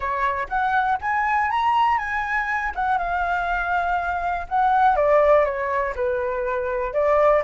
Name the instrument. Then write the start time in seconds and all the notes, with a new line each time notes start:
flute
0.00 C#5
0.48 F#5
1.01 G#5
1.50 A#5
1.97 G#5
2.75 F#5
2.98 F5
4.48 F#5
4.96 D5
5.44 C#5
5.95 B4
6.93 D5